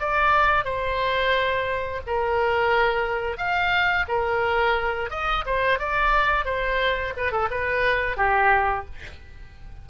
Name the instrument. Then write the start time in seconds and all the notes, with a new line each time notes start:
oboe
0.00 D5
0.65 C5
2.07 A#4
3.37 F5
4.08 A#4
5.10 D#5
5.46 C5
5.79 D5
6.45 C5
7.17 B4
7.32 A4
7.51 B4
8.17 G4